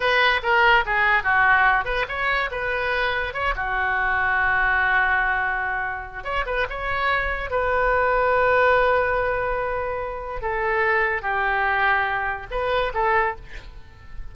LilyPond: \new Staff \with { instrumentName = "oboe" } { \time 4/4 \tempo 4 = 144 b'4 ais'4 gis'4 fis'4~ | fis'8 b'8 cis''4 b'2 | cis''8 fis'2.~ fis'8~ | fis'2. cis''8 b'8 |
cis''2 b'2~ | b'1~ | b'4 a'2 g'4~ | g'2 b'4 a'4 | }